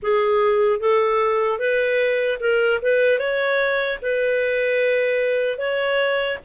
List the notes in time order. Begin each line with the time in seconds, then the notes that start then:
0.02 G#4
0.80 A4
1.59 B4
2.40 A#4
2.82 B4
3.18 C#5
4.01 B4
5.58 C#5